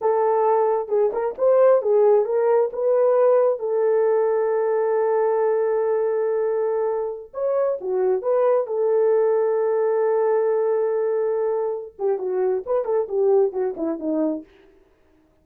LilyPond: \new Staff \with { instrumentName = "horn" } { \time 4/4 \tempo 4 = 133 a'2 gis'8 ais'8 c''4 | gis'4 ais'4 b'2 | a'1~ | a'1~ |
a'16 cis''4 fis'4 b'4 a'8.~ | a'1~ | a'2~ a'8 g'8 fis'4 | b'8 a'8 g'4 fis'8 e'8 dis'4 | }